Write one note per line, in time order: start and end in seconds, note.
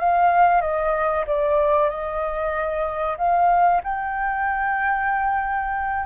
0.00 0.62 F5
0.62 1.25 D#5
1.27 1.90 D5
1.90 3.18 D#5
3.18 3.82 F5
3.84 6.06 G5